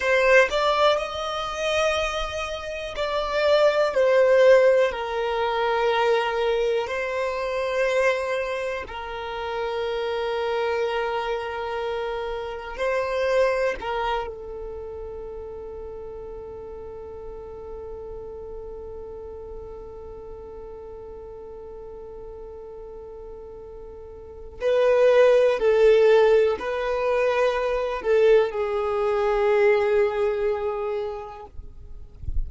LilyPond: \new Staff \with { instrumentName = "violin" } { \time 4/4 \tempo 4 = 61 c''8 d''8 dis''2 d''4 | c''4 ais'2 c''4~ | c''4 ais'2.~ | ais'4 c''4 ais'8 a'4.~ |
a'1~ | a'1~ | a'4 b'4 a'4 b'4~ | b'8 a'8 gis'2. | }